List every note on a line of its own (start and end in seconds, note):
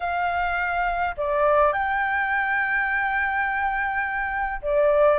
0.00 1.15 F5
1.17 1.72 D5
1.72 4.61 G5
4.62 5.18 D5